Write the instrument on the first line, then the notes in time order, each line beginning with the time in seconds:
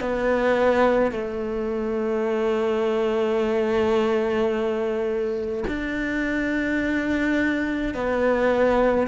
cello
0.00 B3
1.11 A3
5.68 D4
7.94 B3